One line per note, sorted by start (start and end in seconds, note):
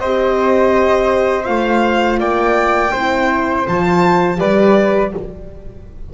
0.00 1.48 C4
0.00 1.45 G4
0.00 2.19 C5
0.00 1.46 D#5
1.45 2.19 A3
1.45 2.91 F4
1.45 2.19 F5
2.19 2.92 A#3
2.19 2.91 D5
2.19 3.66 G5
2.91 3.66 C4
2.91 3.66 E4
2.91 4.37 C5
3.66 4.40 F3
3.66 4.36 F4
3.66 4.39 A5
4.36 5.14 G3
4.36 5.09 G4
4.36 5.11 B4
4.36 5.12 D5